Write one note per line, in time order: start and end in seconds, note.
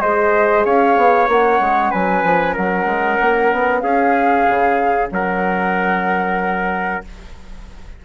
0.00 0.65 G#3
0.00 1.30 G#4
0.00 0.65 C5
0.00 0.64 D#5
0.64 0.96 C#4
0.64 1.91 C#5
0.64 1.28 F5
0.96 1.27 B3
1.27 1.59 A#3
1.27 7.05 C#4
1.27 1.91 F#5
1.60 1.92 G#3
1.91 2.23 F#3
1.91 2.53 B4
1.91 2.55 G#5
2.23 2.55 F3
2.53 2.85 F#3
2.53 3.81 A#4
2.53 3.80 F#5
2.85 3.17 G#3
3.21 3.52 A#3
3.52 3.82 B3
3.80 4.46 C#4
3.80 5.11 G#4
3.80 5.07 F5
4.48 5.11 C#3
5.11 7.03 F#3
5.11 7.05 A#4
5.11 7.04 F#5